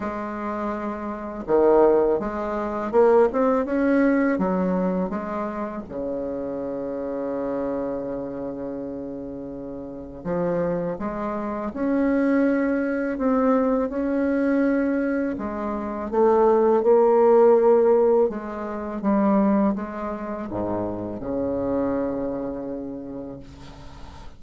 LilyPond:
\new Staff \with { instrumentName = "bassoon" } { \time 4/4 \tempo 4 = 82 gis2 dis4 gis4 | ais8 c'8 cis'4 fis4 gis4 | cis1~ | cis2 f4 gis4 |
cis'2 c'4 cis'4~ | cis'4 gis4 a4 ais4~ | ais4 gis4 g4 gis4 | gis,4 cis2. | }